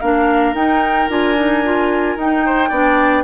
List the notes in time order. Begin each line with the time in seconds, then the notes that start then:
0.00 A#3 D4 A#4 F5
0.54 D#4 G5
1.09 D4 F4 G#5
1.36 D#4
1.64 F4
2.16 D#4 G5
2.46 C5
2.69 B3 D4 D5